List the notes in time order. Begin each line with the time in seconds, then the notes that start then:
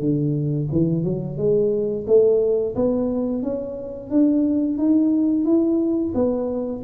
0.00 D3
0.72 E3
1.04 F#3
1.38 G#3
2.07 A3
2.76 B3
3.43 C#4
4.10 D4
4.78 D#4
5.45 E4
6.15 B3